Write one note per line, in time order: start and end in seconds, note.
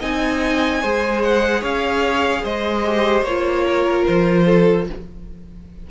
0.00 0.83 C4
0.00 0.82 D#4
0.00 0.81 D#5
0.00 1.22 G#5
0.81 1.62 G#3
0.81 2.85 G#4
0.81 1.60 C5
1.22 1.63 F#5
1.60 2.43 C#4
1.60 2.41 C#5
1.60 2.45 F5
2.43 3.22 G#3
2.43 3.65 C5
2.43 3.24 D#5
2.85 3.26 G4
3.22 4.03 A#3
3.22 4.05 C#5
3.28 4.90 F4
3.67 4.45 A#4
4.06 4.90 F3
4.06 4.87 C5
4.45 4.85 A4